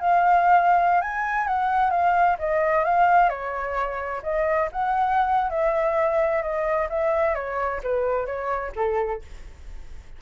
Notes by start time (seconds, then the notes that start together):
0.00 F5
1.02 G#5
1.47 F#5
1.91 F5
2.39 D#5
2.85 F5
3.30 C#5
4.23 D#5
4.72 F#5
5.50 E5
6.42 D#5
6.90 E5
7.35 C#5
7.83 B4
8.26 C#5
8.76 A4